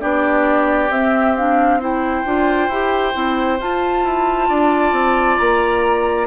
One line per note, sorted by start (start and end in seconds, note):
0.00 0.89 B3
0.00 0.90 D4
0.00 1.80 G4
0.00 0.90 D5
0.89 2.23 C4
0.89 1.36 C4
0.89 1.36 E5
1.36 1.80 D4
1.36 1.81 F5
1.80 2.25 E4
1.80 4.48 C5
1.80 3.62 G5
2.25 2.68 D4
2.25 2.70 F4
2.68 3.13 E4
2.68 3.13 G4
3.13 3.60 C4
3.13 3.58 E4
3.60 4.04 F4
3.60 6.27 F4
3.60 5.37 A5
4.04 4.49 E4
4.48 4.92 D4
4.48 6.27 D5
4.92 5.37 C4
5.37 6.27 A#3
5.37 6.27 A#5